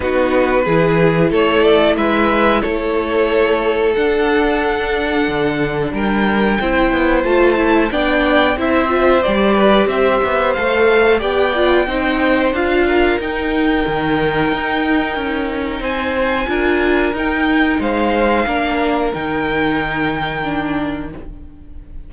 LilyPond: <<
  \new Staff \with { instrumentName = "violin" } { \time 4/4 \tempo 4 = 91 b'2 cis''8 d''8 e''4 | cis''2 fis''2~ | fis''4 g''2 a''4 | g''4 e''4 d''4 e''4 |
f''4 g''2 f''4 | g''1 | gis''2 g''4 f''4~ | f''4 g''2. | }
  \new Staff \with { instrumentName = "violin" } { \time 4/4 fis'4 gis'4 a'4 b'4 | a'1~ | a'4 ais'4 c''2 | d''4 c''4. b'8 c''4~ |
c''4 d''4 c''4. ais'8~ | ais'1 | c''4 ais'2 c''4 | ais'1 | }
  \new Staff \with { instrumentName = "viola" } { \time 4/4 dis'4 e'2.~ | e'2 d'2~ | d'2 e'4 f'8 e'8 | d'4 e'8 f'8 g'2 |
a'4 g'8 f'8 dis'4 f'4 | dis'1~ | dis'4 f'4 dis'2 | d'4 dis'2 d'4 | }
  \new Staff \with { instrumentName = "cello" } { \time 4/4 b4 e4 a4 gis4 | a2 d'2 | d4 g4 c'8 b8 a4 | b4 c'4 g4 c'8 b8 |
a4 b4 c'4 d'4 | dis'4 dis4 dis'4 cis'4 | c'4 d'4 dis'4 gis4 | ais4 dis2. | }
>>